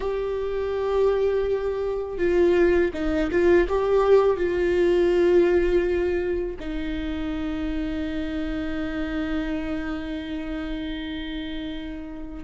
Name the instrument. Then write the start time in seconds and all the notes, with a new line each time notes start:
viola
0.00 G4
2.18 F4
2.93 D#4
3.31 F4
3.68 G4
4.36 F4
6.59 D#4